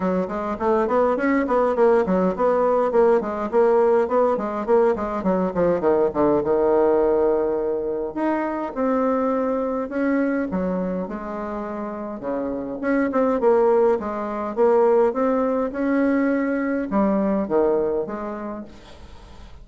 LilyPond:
\new Staff \with { instrumentName = "bassoon" } { \time 4/4 \tempo 4 = 103 fis8 gis8 a8 b8 cis'8 b8 ais8 fis8 | b4 ais8 gis8 ais4 b8 gis8 | ais8 gis8 fis8 f8 dis8 d8 dis4~ | dis2 dis'4 c'4~ |
c'4 cis'4 fis4 gis4~ | gis4 cis4 cis'8 c'8 ais4 | gis4 ais4 c'4 cis'4~ | cis'4 g4 dis4 gis4 | }